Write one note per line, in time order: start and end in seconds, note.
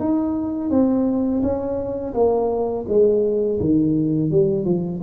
0.00 0.70 D#4
0.70 1.42 C4
1.43 2.14 C#4
2.14 2.86 A#3
2.88 3.60 G#3
3.60 4.31 D#3
4.31 4.65 G3
4.65 5.01 F3